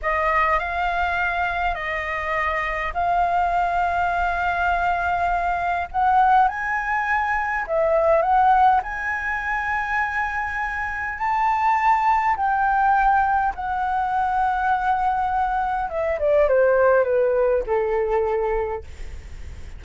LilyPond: \new Staff \with { instrumentName = "flute" } { \time 4/4 \tempo 4 = 102 dis''4 f''2 dis''4~ | dis''4 f''2.~ | f''2 fis''4 gis''4~ | gis''4 e''4 fis''4 gis''4~ |
gis''2. a''4~ | a''4 g''2 fis''4~ | fis''2. e''8 d''8 | c''4 b'4 a'2 | }